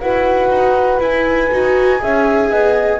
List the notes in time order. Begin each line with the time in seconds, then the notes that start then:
0.00 E4 F#4 B4 F#5
0.49 D#4
1.00 E4 G#5
1.51 D#4 F#4
1.99 C#4 G#4 E5
2.50 B3 D#5